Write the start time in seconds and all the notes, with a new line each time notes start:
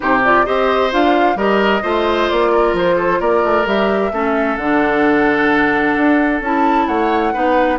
0.00 C3 D#4 G4 C5
0.24 F4 D5
0.45 C4 G4 C5 D#5
0.91 D4 F4 F5
1.35 G3 G4 A#4 D#5
1.82 A3 F4 C5
2.29 A#3 D5
2.51 A#4
2.73 F3 C5
2.95 A4
3.20 A#3 A#4 D5
3.44 A3
3.65 G3 G4 E5
4.11 A3 C#4 A4
4.56 D3 D4 F#5
5.96 D4
6.41 C#4 E4 A5
6.87 A3 C#5 F#5
7.33 B3 D#4 B4